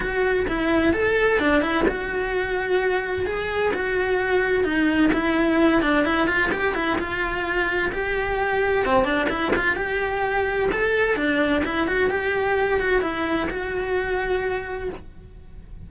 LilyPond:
\new Staff \with { instrumentName = "cello" } { \time 4/4 \tempo 4 = 129 fis'4 e'4 a'4 d'8 e'8 | fis'2. gis'4 | fis'2 dis'4 e'4~ | e'8 d'8 e'8 f'8 g'8 e'8 f'4~ |
f'4 g'2 c'8 d'8 | e'8 f'8 g'2 a'4 | d'4 e'8 fis'8 g'4. fis'8 | e'4 fis'2. | }